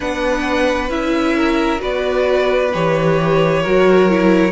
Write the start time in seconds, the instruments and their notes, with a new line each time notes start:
0.00 cello B3, viola D4, violin B4 F#5
0.89 cello C#4, viola E4, violin E5
1.36 violin A#4
1.79 cello B3, viola F#4, violin B4 D5
2.73 cello E3, viola G4, violin C#5
3.62 cello F#3, viola F#4, violin A#4
4.09 viola E4